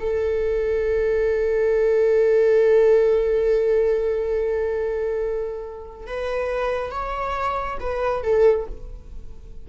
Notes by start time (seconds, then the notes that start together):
0.00 A4
6.07 B4
6.91 C#5
7.80 B4
8.23 A4